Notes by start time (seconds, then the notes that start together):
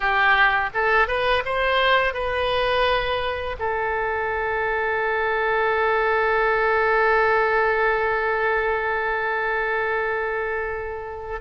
0.00 G4
0.73 A4
1.07 B4
1.45 C5
2.13 B4
3.59 A4